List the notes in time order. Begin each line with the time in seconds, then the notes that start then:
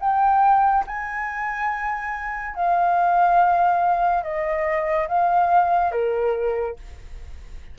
0.00 G5
0.87 G#5
2.55 F5
4.23 D#5
5.08 F5
5.92 A#4